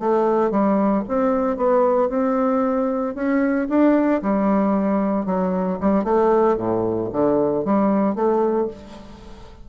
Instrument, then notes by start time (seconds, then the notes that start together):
bassoon
0.00 A3
0.51 G3
1.09 C4
1.57 B3
2.10 C4
3.16 C#4
3.70 D4
4.23 G3
5.26 F#3
5.81 G3
6.05 A3
6.57 A2
7.13 D3
7.65 G3
8.16 A3